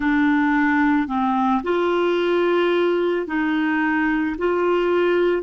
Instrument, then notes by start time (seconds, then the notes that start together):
clarinet
0.00 D4
1.07 C4
1.63 F4
3.26 D#4
4.37 F4